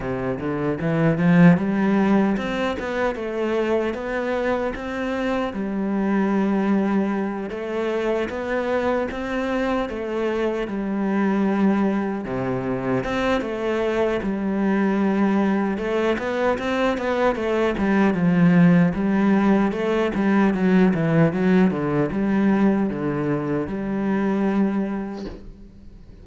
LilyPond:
\new Staff \with { instrumentName = "cello" } { \time 4/4 \tempo 4 = 76 c8 d8 e8 f8 g4 c'8 b8 | a4 b4 c'4 g4~ | g4. a4 b4 c'8~ | c'8 a4 g2 c8~ |
c8 c'8 a4 g2 | a8 b8 c'8 b8 a8 g8 f4 | g4 a8 g8 fis8 e8 fis8 d8 | g4 d4 g2 | }